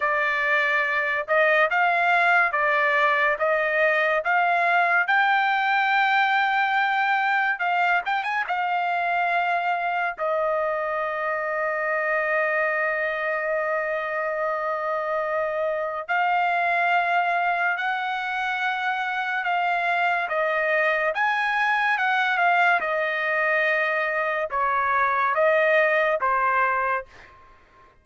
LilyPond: \new Staff \with { instrumentName = "trumpet" } { \time 4/4 \tempo 4 = 71 d''4. dis''8 f''4 d''4 | dis''4 f''4 g''2~ | g''4 f''8 g''16 gis''16 f''2 | dis''1~ |
dis''2. f''4~ | f''4 fis''2 f''4 | dis''4 gis''4 fis''8 f''8 dis''4~ | dis''4 cis''4 dis''4 c''4 | }